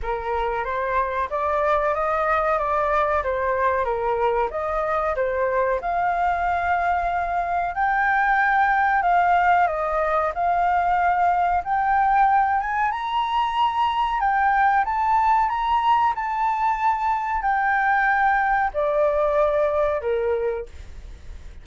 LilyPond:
\new Staff \with { instrumentName = "flute" } { \time 4/4 \tempo 4 = 93 ais'4 c''4 d''4 dis''4 | d''4 c''4 ais'4 dis''4 | c''4 f''2. | g''2 f''4 dis''4 |
f''2 g''4. gis''8 | ais''2 g''4 a''4 | ais''4 a''2 g''4~ | g''4 d''2 ais'4 | }